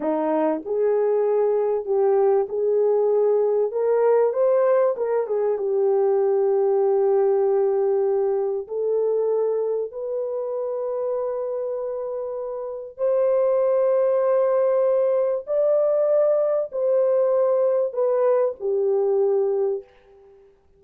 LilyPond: \new Staff \with { instrumentName = "horn" } { \time 4/4 \tempo 4 = 97 dis'4 gis'2 g'4 | gis'2 ais'4 c''4 | ais'8 gis'8 g'2.~ | g'2 a'2 |
b'1~ | b'4 c''2.~ | c''4 d''2 c''4~ | c''4 b'4 g'2 | }